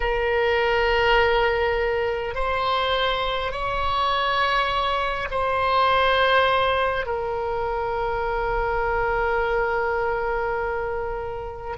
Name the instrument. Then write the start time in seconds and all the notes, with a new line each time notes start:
oboe
0.00 A#4
2.34 C5
3.51 C#5
5.30 C5
7.06 A#4